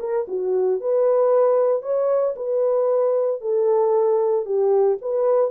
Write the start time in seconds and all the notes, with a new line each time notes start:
0.00 A#4
0.28 F#4
0.80 B4
1.82 C#5
2.36 B4
3.41 A4
4.45 G4
5.01 B4